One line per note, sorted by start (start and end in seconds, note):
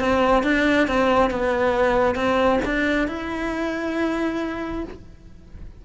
0.00 0.43 C4
0.43 0.87 D4
0.88 1.31 C4
1.31 2.15 B3
2.15 2.59 C4
2.65 3.08 D4
3.08 4.84 E4